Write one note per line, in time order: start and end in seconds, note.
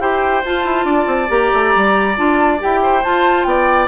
0.00 0.43 E4
0.00 0.44 G4
0.00 0.86 C5
0.00 0.44 G5
0.45 1.28 F4
0.45 0.65 F4
0.45 1.31 A5
0.65 0.85 E4
0.85 1.06 D4
0.85 2.80 D5
1.07 1.28 C4
1.28 1.51 A#3
1.28 2.14 G4
1.28 2.17 A#5
1.53 1.75 A3
1.76 2.18 G3
2.17 2.61 D4
2.17 2.59 F4
2.17 2.61 A5
2.59 3.05 E4
2.59 3.02 G4
2.59 3.04 G5
2.83 3.47 C5
3.03 3.87 F4
3.03 3.45 F4
3.03 3.44 A5
3.44 3.87 B3
3.44 3.87 D5
3.44 3.87 G5